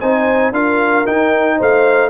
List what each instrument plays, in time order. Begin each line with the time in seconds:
0.00 tuba C4, trombone D#4, horn C5, trumpet G#5
0.52 tuba D4, trombone F4, horn A#4, trumpet F5
1.06 trombone D#4, tuba D#4, trumpet G5
1.57 tuba A3, horn C5, trumpet F5